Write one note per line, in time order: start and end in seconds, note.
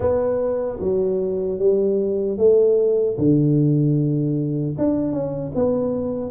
0.00 0.79 B3
0.79 1.58 F#3
1.58 2.37 G3
2.37 3.16 A3
3.18 4.76 D3
4.78 5.12 D4
5.12 5.51 C#4
5.54 6.30 B3